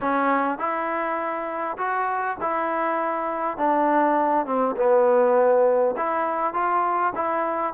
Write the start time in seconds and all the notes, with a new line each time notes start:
0.00 C#4
0.58 E4
1.77 F#4
2.40 E4
3.57 D4
4.46 C4
4.76 B3
5.96 E4
6.53 F4
7.15 E4